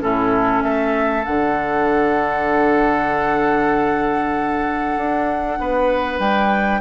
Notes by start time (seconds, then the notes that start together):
0.00 A2 C#4 E4 A4
0.62 A3 A4 E5
1.23 D3 D4 F#5
4.97 D4
5.59 B3 B4
6.19 G3 G5